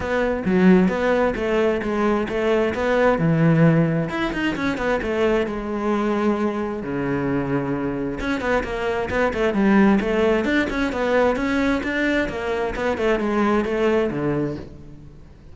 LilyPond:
\new Staff \with { instrumentName = "cello" } { \time 4/4 \tempo 4 = 132 b4 fis4 b4 a4 | gis4 a4 b4 e4~ | e4 e'8 dis'8 cis'8 b8 a4 | gis2. cis4~ |
cis2 cis'8 b8 ais4 | b8 a8 g4 a4 d'8 cis'8 | b4 cis'4 d'4 ais4 | b8 a8 gis4 a4 d4 | }